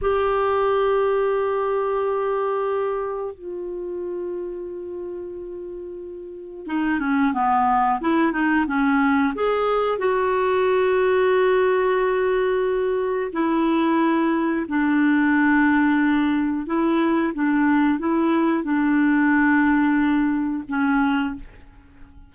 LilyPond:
\new Staff \with { instrumentName = "clarinet" } { \time 4/4 \tempo 4 = 90 g'1~ | g'4 f'2.~ | f'2 dis'8 cis'8 b4 | e'8 dis'8 cis'4 gis'4 fis'4~ |
fis'1 | e'2 d'2~ | d'4 e'4 d'4 e'4 | d'2. cis'4 | }